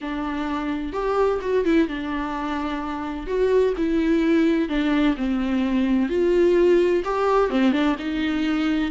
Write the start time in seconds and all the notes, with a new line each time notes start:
0.01 D4
0.92 G4
1.41 F#4
1.64 E4
1.87 D4
3.26 F#4
3.77 E4
4.69 D4
5.16 C4
6.09 F4
7.04 G4
7.50 C4
7.72 D4
7.98 D#4